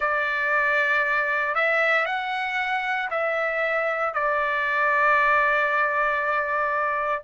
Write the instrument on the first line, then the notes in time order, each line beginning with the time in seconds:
trumpet
0.00 D5
1.55 E5
2.05 F#5
3.10 E5
4.14 D5